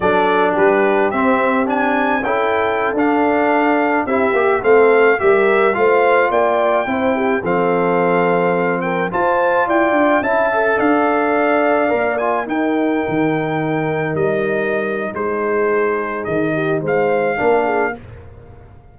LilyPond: <<
  \new Staff \with { instrumentName = "trumpet" } { \time 4/4 \tempo 4 = 107 d''4 b'4 e''4 gis''4 | g''4~ g''16 f''2 e''8.~ | e''16 f''4 e''4 f''4 g''8.~ | g''4~ g''16 f''2~ f''8 g''16~ |
g''16 a''4 g''4 a''4 f''8.~ | f''4.~ f''16 gis''8 g''4.~ g''16~ | g''4~ g''16 dis''4.~ dis''16 c''4~ | c''4 dis''4 f''2 | }
  \new Staff \with { instrumentName = "horn" } { \time 4/4 a'4 g'2. | a'2.~ a'16 g'8.~ | g'16 a'4 ais'4 c''4 d''8.~ | d''16 c''8 g'8 a'2~ a'8 ais'16~ |
ais'16 c''4 d''4 e''4 d''8.~ | d''2~ d''16 ais'4.~ ais'16~ | ais'2. gis'4~ | gis'4. g'8 c''4 ais'8 gis'8 | }
  \new Staff \with { instrumentName = "trombone" } { \time 4/4 d'2 c'4 d'4 | e'4~ e'16 d'2 e'8 g'16~ | g'16 c'4 g'4 f'4.~ f'16~ | f'16 e'4 c'2~ c'8.~ |
c'16 f'2 e'8 a'4~ a'16~ | a'4~ a'16 ais'8 f'8 dis'4.~ dis'16~ | dis'1~ | dis'2. d'4 | }
  \new Staff \with { instrumentName = "tuba" } { \time 4/4 fis4 g4 c'2 | cis'4~ cis'16 d'2 c'8 ais16~ | ais16 a4 g4 a4 ais8.~ | ais16 c'4 f2~ f8.~ |
f16 f'4 e'8 d'8 cis'4 d'8.~ | d'4~ d'16 ais4 dis'4 dis8.~ | dis4~ dis16 g4.~ g16 gis4~ | gis4 dis4 gis4 ais4 | }
>>